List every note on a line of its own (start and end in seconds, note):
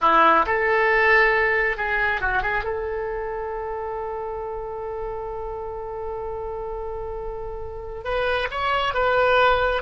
0.01 0.45 E4
0.46 1.76 A4
1.76 2.20 G#4
2.20 2.42 F#4
2.42 2.64 G#4
2.64 8.04 A4
8.04 8.48 B4
8.50 8.94 C#5
8.94 9.82 B4